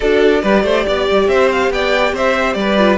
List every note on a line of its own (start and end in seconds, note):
0.00 0.43 D4
0.00 0.43 F#4
0.00 0.42 A4
0.00 1.28 D5
0.42 0.63 G3
0.42 2.78 G4
0.42 0.63 B4
0.63 0.84 A3
0.63 0.85 C5
0.86 1.09 B3
0.86 1.29 D5
1.10 1.27 G3
1.27 1.70 C4
1.27 1.72 C5
1.27 1.49 E5
1.51 1.72 F5
1.70 2.12 B3
1.70 2.13 D5
1.70 2.14 G5
2.12 2.55 C4
2.12 2.56 C5
2.12 2.53 E5
2.53 2.98 G3
2.53 2.96 D5
2.59 2.98 B4
2.78 2.98 F4